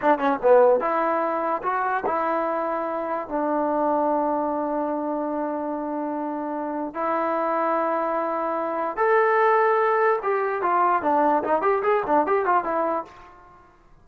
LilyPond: \new Staff \with { instrumentName = "trombone" } { \time 4/4 \tempo 4 = 147 d'8 cis'8 b4 e'2 | fis'4 e'2. | d'1~ | d'1~ |
d'4 e'2.~ | e'2 a'2~ | a'4 g'4 f'4 d'4 | dis'8 g'8 gis'8 d'8 g'8 f'8 e'4 | }